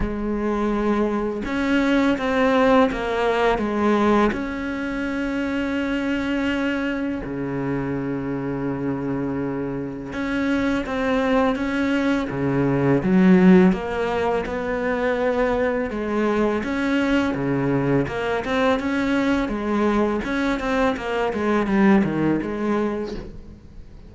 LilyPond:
\new Staff \with { instrumentName = "cello" } { \time 4/4 \tempo 4 = 83 gis2 cis'4 c'4 | ais4 gis4 cis'2~ | cis'2 cis2~ | cis2 cis'4 c'4 |
cis'4 cis4 fis4 ais4 | b2 gis4 cis'4 | cis4 ais8 c'8 cis'4 gis4 | cis'8 c'8 ais8 gis8 g8 dis8 gis4 | }